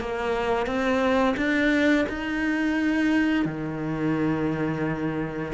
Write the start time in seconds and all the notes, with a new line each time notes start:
0.00 A#3
0.66 C4
1.37 D4
2.09 D#4
3.45 D#3